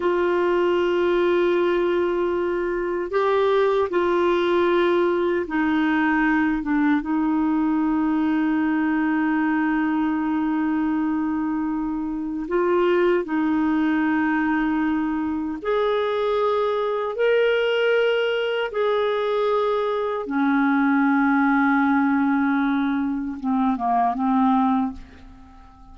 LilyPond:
\new Staff \with { instrumentName = "clarinet" } { \time 4/4 \tempo 4 = 77 f'1 | g'4 f'2 dis'4~ | dis'8 d'8 dis'2.~ | dis'1 |
f'4 dis'2. | gis'2 ais'2 | gis'2 cis'2~ | cis'2 c'8 ais8 c'4 | }